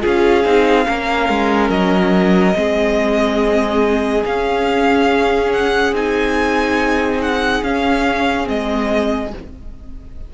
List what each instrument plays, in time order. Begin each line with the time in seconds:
0.00 cello C#4, viola F4, violin G#4
0.06 violin F5
0.45 cello C4, viola D#4
0.85 cello A#3, viola C#4, violin A#4
1.29 cello G#3
1.70 cello F#3, violin D#5
2.54 cello G#3, viola C4, violin G#4
4.26 cello C#4, viola C#4, violin F5
5.52 violin F#5
5.93 cello C4, viola D#4, violin G#5
7.21 violin F#5
7.63 viola C#4, cello C#4, violin F5
8.44 cello G#3, viola C4, violin D#5